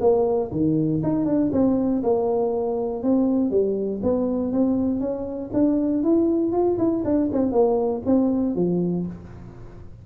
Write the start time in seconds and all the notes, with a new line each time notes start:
0.00 A#3
0.52 D#3
1.03 D#4
1.25 D4
1.52 C4
2.03 A#3
3.03 C4
3.51 G3
4.03 B3
4.52 C4
5.00 C#4
5.53 D4
6.03 E4
6.52 F4
6.78 E4
7.05 D4
7.32 C4
7.52 A#3
8.06 C4
8.56 F3